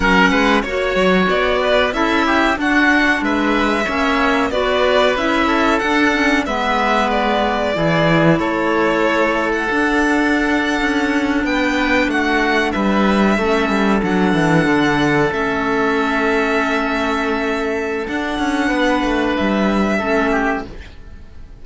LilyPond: <<
  \new Staff \with { instrumentName = "violin" } { \time 4/4 \tempo 4 = 93 fis''4 cis''4 d''4 e''4 | fis''4 e''2 d''4 | e''4 fis''4 e''4 d''4~ | d''4 cis''4.~ cis''16 fis''4~ fis''16~ |
fis''4.~ fis''16 g''4 fis''4 e''16~ | e''4.~ e''16 fis''2 e''16~ | e''1 | fis''2 e''2 | }
  \new Staff \with { instrumentName = "oboe" } { \time 4/4 ais'8 b'8 cis''4. b'8 a'8 g'8 | fis'4 b'4 cis''4 b'4~ | b'8 a'4. b'2 | gis'4 a'2.~ |
a'4.~ a'16 b'4 fis'4 b'16~ | b'8. a'2.~ a'16~ | a'1~ | a'4 b'2 a'8 g'8 | }
  \new Staff \with { instrumentName = "clarinet" } { \time 4/4 cis'4 fis'2 e'4 | d'2 cis'4 fis'4 | e'4 d'8 cis'8 b2 | e'2. d'4~ |
d'1~ | d'8. cis'4 d'2 cis'16~ | cis'1 | d'2. cis'4 | }
  \new Staff \with { instrumentName = "cello" } { \time 4/4 fis8 gis8 ais8 fis8 b4 cis'4 | d'4 gis4 ais4 b4 | cis'4 d'4 gis2 | e4 a2 d'4~ |
d'8. cis'4 b4 a4 g16~ | g8. a8 g8 fis8 e8 d4 a16~ | a1 | d'8 cis'8 b8 a8 g4 a4 | }
>>